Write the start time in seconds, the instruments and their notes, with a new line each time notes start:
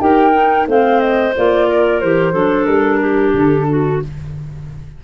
0.00 tuba D#4, clarinet G4 A#4, flute G5
0.32 clarinet D#4
0.67 tuba A3, clarinet C4 C5, flute F5
1.01 flute D#5
1.37 tuba A#3, clarinet F4, flute D5
1.67 clarinet A#4
2.00 tuba E3, clarinet G4, flute C5
2.33 tuba F#3, clarinet D4 A4
2.65 tuba G3, flute A#4
3.00 clarinet G4
3.34 tuba D3, flute A4
3.69 clarinet F#4